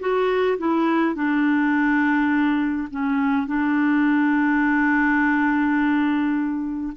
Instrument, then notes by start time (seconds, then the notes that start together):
clarinet
0.00 F#4
0.58 E4
1.15 D4
2.91 C#4
3.47 D4